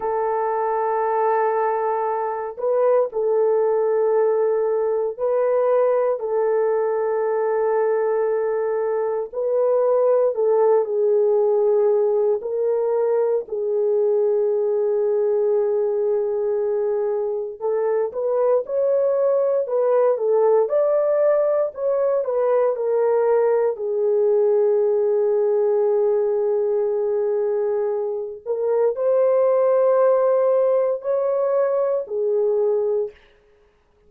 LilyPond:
\new Staff \with { instrumentName = "horn" } { \time 4/4 \tempo 4 = 58 a'2~ a'8 b'8 a'4~ | a'4 b'4 a'2~ | a'4 b'4 a'8 gis'4. | ais'4 gis'2.~ |
gis'4 a'8 b'8 cis''4 b'8 a'8 | d''4 cis''8 b'8 ais'4 gis'4~ | gis'2.~ gis'8 ais'8 | c''2 cis''4 gis'4 | }